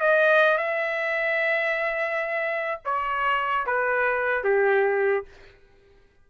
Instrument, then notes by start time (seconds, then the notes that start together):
trumpet
0.00 D#5
0.58 E5
2.85 C#5
3.66 B4
4.44 G4